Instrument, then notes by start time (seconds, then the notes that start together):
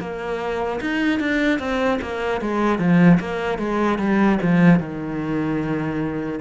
cello
0.00 A#3
0.81 D#4
1.19 D4
1.59 C4
2.01 A#3
2.41 G#3
2.79 F3
3.20 A#3
3.58 G#3
3.98 G3
4.42 F3
4.80 D#3